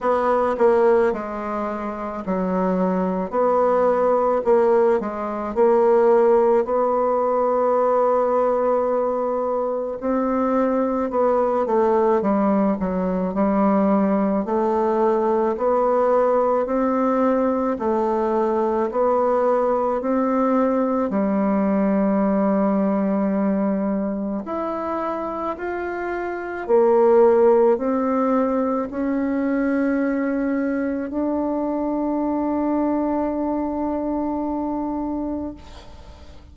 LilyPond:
\new Staff \with { instrumentName = "bassoon" } { \time 4/4 \tempo 4 = 54 b8 ais8 gis4 fis4 b4 | ais8 gis8 ais4 b2~ | b4 c'4 b8 a8 g8 fis8 | g4 a4 b4 c'4 |
a4 b4 c'4 g4~ | g2 e'4 f'4 | ais4 c'4 cis'2 | d'1 | }